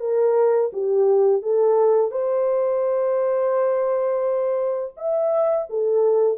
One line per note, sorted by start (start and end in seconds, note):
0.00 0.71 A#4
0.73 1.42 G4
1.42 2.11 A4
2.11 4.93 C5
4.97 5.67 E5
5.70 6.38 A4